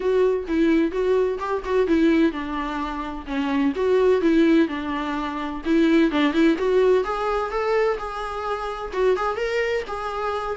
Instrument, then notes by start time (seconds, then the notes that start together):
viola
0.00 F#4
0.47 E4
0.91 F#4
1.39 G4
1.64 F#4
1.87 E4
2.31 D4
3.26 C#4
3.75 F#4
4.21 E4
4.68 D4
5.65 E4
6.11 D4
6.33 E4
6.58 F#4
7.04 G#4
7.50 A4
7.98 G#4
8.92 F#4
9.16 G#4
9.36 A#4
9.87 G#4